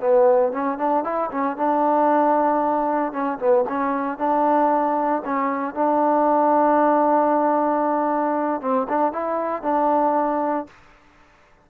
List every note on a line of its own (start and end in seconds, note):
0.00 0.52 B3
0.52 0.78 C#4
0.78 1.04 D4
1.04 1.30 E4
1.31 1.57 C#4
1.57 3.12 D4
3.12 3.38 C#4
3.39 3.65 B3
3.69 4.18 C#4
4.18 5.22 D4
5.25 5.74 C#4
5.74 8.61 D4
8.61 8.87 C4
8.89 9.12 D4
9.12 9.62 E4
9.62 10.67 D4